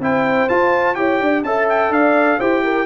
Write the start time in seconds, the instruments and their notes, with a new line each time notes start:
0.00 tuba C4, trombone E4, horn C5, trumpet G5
0.49 trombone F4, tuba F4, trumpet A5
0.95 tuba E4, trombone G4, horn C#5, trumpet G5
1.20 tuba D4, horn D5
1.44 tuba C#4, trombone A4, horn E5, trumpet A5
1.70 trumpet G5
1.90 tuba D4, horn D5, trumpet F5
2.39 tuba E4, trombone G4, horn C5, trumpet G5
2.64 horn A#4